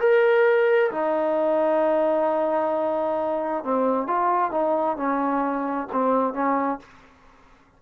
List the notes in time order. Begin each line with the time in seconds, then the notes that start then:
0.00 A#4
0.91 D#4
3.64 C4
4.07 F4
4.51 D#4
4.97 C#4
5.92 C4
6.34 C#4